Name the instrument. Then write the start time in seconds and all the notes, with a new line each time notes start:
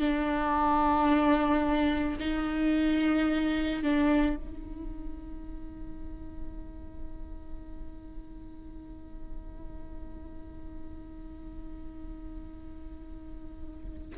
viola
0.00 D4
2.20 D#4
3.83 D4
4.36 D#4